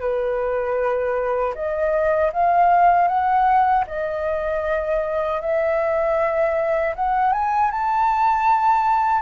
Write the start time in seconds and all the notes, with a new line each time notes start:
0.00 B4
1.54 D#5
2.32 F5
3.08 F#5
3.87 D#5
5.41 E5
6.95 F#5
7.32 G#5
7.71 A5